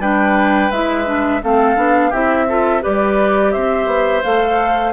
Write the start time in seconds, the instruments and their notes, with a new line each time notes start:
0.00 bassoon G3, clarinet D4, oboe B4, flute G5
0.72 bassoon G#3, clarinet E4, flute E5
1.06 clarinet D4
1.43 bassoon A3, clarinet C4, oboe A4, flute F5
1.77 bassoon B3, clarinet D4
2.10 bassoon C4, clarinet E4, oboe G4, flute E5
2.49 clarinet F4, oboe A4
2.82 bassoon G3, clarinet G4, oboe B4, flute D5
3.52 bassoon C4, oboe C5, flute E5
3.87 bassoon B3
4.24 bassoon A3, clarinet A4, flute F5